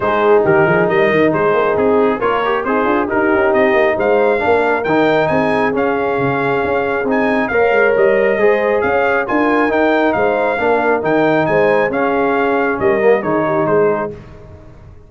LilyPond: <<
  \new Staff \with { instrumentName = "trumpet" } { \time 4/4 \tempo 4 = 136 c''4 ais'4 dis''4 c''4 | gis'4 cis''4 c''4 ais'4 | dis''4 f''2 g''4 | gis''4 f''2. |
gis''4 f''4 dis''2 | f''4 gis''4 g''4 f''4~ | f''4 g''4 gis''4 f''4~ | f''4 dis''4 cis''4 c''4 | }
  \new Staff \with { instrumentName = "horn" } { \time 4/4 gis'4 g'8 gis'8 ais'4 gis'4~ | gis'4 ais'4 dis'8 f'8 g'4~ | g'4 c''4 ais'2 | gis'1~ |
gis'4 cis''2 c''4 | cis''4 ais'2 c''4 | ais'2 c''4 gis'4~ | gis'4 ais'4 gis'8 g'8 gis'4 | }
  \new Staff \with { instrumentName = "trombone" } { \time 4/4 dis'1~ | dis'4 f'8 g'8 gis'4 dis'4~ | dis'2 d'4 dis'4~ | dis'4 cis'2. |
dis'4 ais'2 gis'4~ | gis'4 f'4 dis'2 | d'4 dis'2 cis'4~ | cis'4. ais8 dis'2 | }
  \new Staff \with { instrumentName = "tuba" } { \time 4/4 gis4 dis8 f8 g8 dis8 gis8 ais8 | c'4 ais4 c'8 d'8 dis'8 cis'8 | c'8 ais8 gis4 ais4 dis4 | c'4 cis'4 cis4 cis'4 |
c'4 ais8 gis8 g4 gis4 | cis'4 d'4 dis'4 gis4 | ais4 dis4 gis4 cis'4~ | cis'4 g4 dis4 gis4 | }
>>